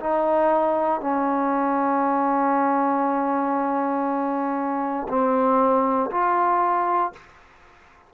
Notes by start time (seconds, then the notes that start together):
0.00 D#4
1.01 C#4
5.09 C4
6.11 F4